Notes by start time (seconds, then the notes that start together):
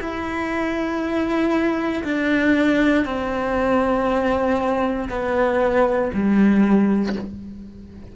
0.00 E4
2.04 D4
3.05 C4
5.09 B3
6.14 G3